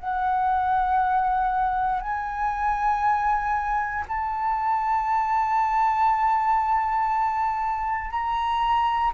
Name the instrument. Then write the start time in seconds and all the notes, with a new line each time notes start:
flute
0.00 F#5
2.02 G#5
4.09 A5
8.11 A#5